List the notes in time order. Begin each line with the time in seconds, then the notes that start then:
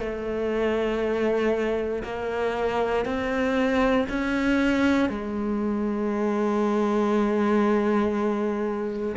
0.00 A3
2.04 A#3
3.06 C4
4.10 C#4
5.10 G#3